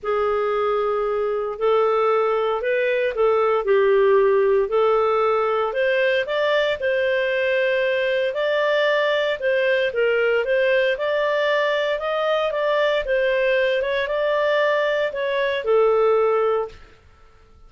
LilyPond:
\new Staff \with { instrumentName = "clarinet" } { \time 4/4 \tempo 4 = 115 gis'2. a'4~ | a'4 b'4 a'4 g'4~ | g'4 a'2 c''4 | d''4 c''2. |
d''2 c''4 ais'4 | c''4 d''2 dis''4 | d''4 c''4. cis''8 d''4~ | d''4 cis''4 a'2 | }